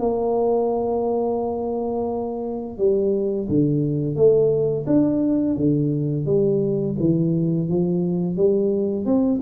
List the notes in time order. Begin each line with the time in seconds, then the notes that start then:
0.00 A#3
2.78 G3
3.49 D3
4.16 A3
4.87 D4
5.57 D3
6.26 G3
7.00 E3
7.69 F3
8.37 G3
9.06 C4